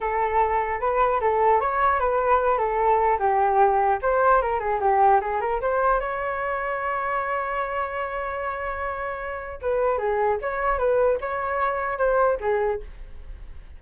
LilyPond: \new Staff \with { instrumentName = "flute" } { \time 4/4 \tempo 4 = 150 a'2 b'4 a'4 | cis''4 b'4. a'4. | g'2 c''4 ais'8 gis'8 | g'4 gis'8 ais'8 c''4 cis''4~ |
cis''1~ | cis''1 | b'4 gis'4 cis''4 b'4 | cis''2 c''4 gis'4 | }